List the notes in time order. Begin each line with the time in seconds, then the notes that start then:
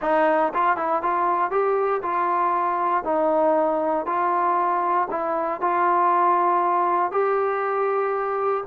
0.01 D#4
0.54 F4
0.76 E4
1.02 F4
1.50 G4
2.02 F4
3.04 D#4
4.06 F4
5.10 E4
5.60 F4
7.11 G4